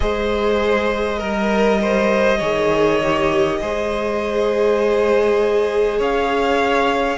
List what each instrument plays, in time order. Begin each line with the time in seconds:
0.00 cello G#3, viola G#4, violin C5 D#5
1.18 cello G3, viola A#4, violin A#4
1.82 violin C5
2.38 cello D#3, viola G#4, violin C#5
3.02 viola G4
3.60 cello G#3, viola G#4, violin C5
5.98 cello C#4, violin C#5 F5